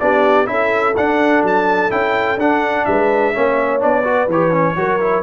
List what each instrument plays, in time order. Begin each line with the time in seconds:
0.00 tuba B3, trombone D4, horn G4, trumpet D5
0.46 tuba C#4, trombone E4, horn A4, trumpet E5
0.97 tuba D4, trombone D4, trumpet F#5
1.43 tuba F#3, trumpet A5
1.90 tuba C#4, trombone E4, trumpet G5
2.38 tuba D4, trombone D4, trumpet F#5
2.86 tuba G#3, horn B4, trumpet E5
3.35 tuba A#3, trombone C#4, horn C#5
3.80 tuba B3, trombone D4, trumpet D5
4.04 trombone F#4, horn B4
4.28 tuba E3, trombone G4, trumpet C#5
4.52 trombone C#4
4.76 tuba F#3, trombone F#4, horn A#4
5.01 trombone E4